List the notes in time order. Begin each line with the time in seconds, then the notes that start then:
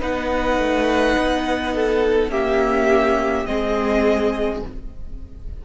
0.00 B3 D#4 B4 F#5
0.58 A3
1.18 B3
1.74 A4
2.29 A#3 C#4 G4 E5
3.46 G#3 C4 G#4 D#5